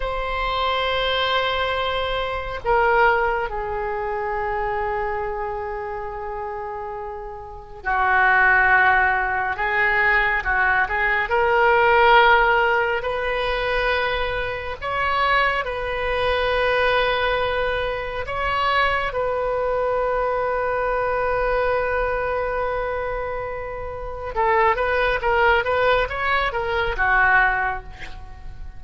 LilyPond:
\new Staff \with { instrumentName = "oboe" } { \time 4/4 \tempo 4 = 69 c''2. ais'4 | gis'1~ | gis'4 fis'2 gis'4 | fis'8 gis'8 ais'2 b'4~ |
b'4 cis''4 b'2~ | b'4 cis''4 b'2~ | b'1 | a'8 b'8 ais'8 b'8 cis''8 ais'8 fis'4 | }